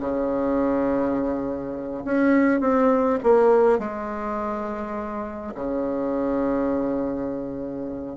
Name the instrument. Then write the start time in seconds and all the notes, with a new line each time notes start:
bassoon
0.00 C#3
2.05 C#4
2.61 C4
3.23 A#3
3.79 G#3
5.55 C#3